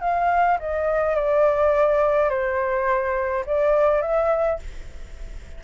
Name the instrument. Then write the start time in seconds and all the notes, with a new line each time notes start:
flute
0.00 F5
0.59 D#5
1.15 D5
2.29 C5
3.46 D5
4.01 E5